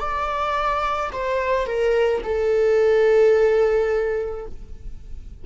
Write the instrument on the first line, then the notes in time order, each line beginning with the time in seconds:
viola
0.00 D5
1.13 C5
1.67 A#4
2.24 A4